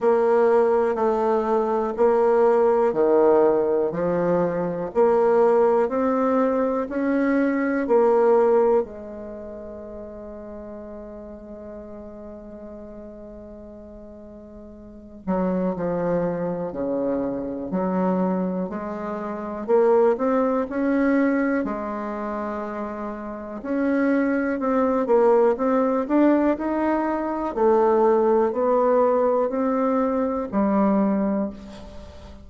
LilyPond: \new Staff \with { instrumentName = "bassoon" } { \time 4/4 \tempo 4 = 61 ais4 a4 ais4 dis4 | f4 ais4 c'4 cis'4 | ais4 gis2.~ | gis2.~ gis8 fis8 |
f4 cis4 fis4 gis4 | ais8 c'8 cis'4 gis2 | cis'4 c'8 ais8 c'8 d'8 dis'4 | a4 b4 c'4 g4 | }